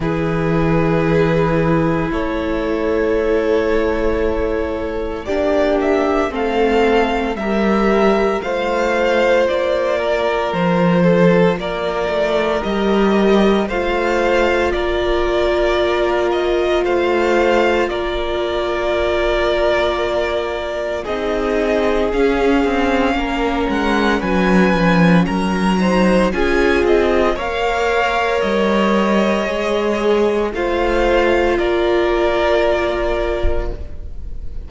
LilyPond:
<<
  \new Staff \with { instrumentName = "violin" } { \time 4/4 \tempo 4 = 57 b'2 cis''2~ | cis''4 d''8 e''8 f''4 e''4 | f''4 d''4 c''4 d''4 | dis''4 f''4 d''4. dis''8 |
f''4 d''2. | dis''4 f''4. fis''8 gis''4 | ais''4 gis''8 dis''8 f''4 dis''4~ | dis''4 f''4 d''2 | }
  \new Staff \with { instrumentName = "violin" } { \time 4/4 gis'2 a'2~ | a'4 g'4 a'4 ais'4 | c''4. ais'4 a'8 ais'4~ | ais'4 c''4 ais'2 |
c''4 ais'2. | gis'2 ais'4 b'4 | ais'8 c''8 gis'4 cis''2~ | cis''4 c''4 ais'2 | }
  \new Staff \with { instrumentName = "viola" } { \time 4/4 e'1~ | e'4 d'4 c'4 g'4 | f'1 | g'4 f'2.~ |
f'1 | dis'4 cis'2.~ | cis'8 dis'8 f'4 ais'2 | gis'4 f'2. | }
  \new Staff \with { instrumentName = "cello" } { \time 4/4 e2 a2~ | a4 ais4 a4 g4 | a4 ais4 f4 ais8 a8 | g4 a4 ais2 |
a4 ais2. | c'4 cis'8 c'8 ais8 gis8 fis8 f8 | fis4 cis'8 c'8 ais4 g4 | gis4 a4 ais2 | }
>>